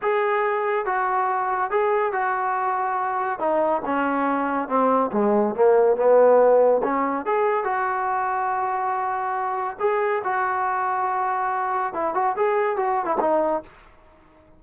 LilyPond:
\new Staff \with { instrumentName = "trombone" } { \time 4/4 \tempo 4 = 141 gis'2 fis'2 | gis'4 fis'2. | dis'4 cis'2 c'4 | gis4 ais4 b2 |
cis'4 gis'4 fis'2~ | fis'2. gis'4 | fis'1 | e'8 fis'8 gis'4 fis'8. e'16 dis'4 | }